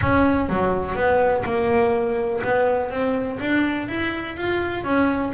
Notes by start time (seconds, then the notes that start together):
0.01 C#4
0.49 F#3
0.95 B3
1.44 A#3
2.43 B3
2.90 C4
3.40 D4
3.88 E4
4.37 F4
4.83 C#4